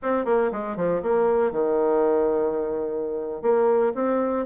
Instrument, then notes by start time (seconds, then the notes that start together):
bassoon
0.02 C4
0.25 A#3
0.52 G#3
0.76 F3
1.02 A#3
1.51 D#3
3.42 A#3
3.95 C4